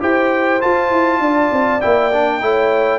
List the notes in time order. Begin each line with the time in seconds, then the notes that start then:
0.00 E4 G4 C5 G5
0.61 F4 A5
0.91 E4
1.20 D4 D5
1.53 C4
1.81 A#3 E4 G5
2.13 D4
2.42 A3 E4 C#5